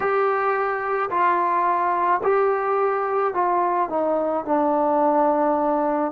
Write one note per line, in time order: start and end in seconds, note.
0.00 1.09 G4
1.10 2.21 F4
2.23 3.34 G4
3.34 3.89 F4
3.89 4.44 D#4
4.45 6.12 D4